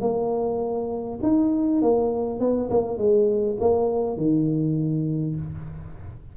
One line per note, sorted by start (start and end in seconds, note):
0.00 1.19 A#3
1.22 1.81 D#4
1.81 2.40 A#3
2.40 2.69 B3
2.70 2.97 A#3
2.97 3.57 G#3
3.60 4.17 A#3
4.17 5.35 D#3